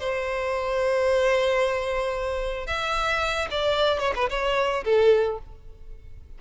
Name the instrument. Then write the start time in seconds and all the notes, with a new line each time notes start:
violin
0.00 C5
2.67 E5
3.51 D5
4.00 C#5
4.16 B4
4.30 C#5
4.85 A4